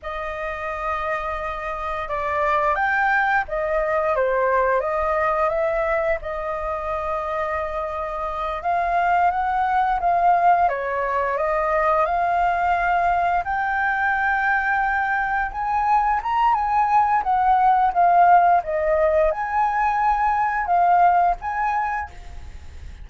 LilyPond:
\new Staff \with { instrumentName = "flute" } { \time 4/4 \tempo 4 = 87 dis''2. d''4 | g''4 dis''4 c''4 dis''4 | e''4 dis''2.~ | dis''8 f''4 fis''4 f''4 cis''8~ |
cis''8 dis''4 f''2 g''8~ | g''2~ g''8 gis''4 ais''8 | gis''4 fis''4 f''4 dis''4 | gis''2 f''4 gis''4 | }